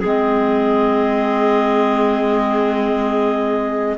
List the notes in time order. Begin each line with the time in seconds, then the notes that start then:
0.00 G#3 C4 G#4 D#5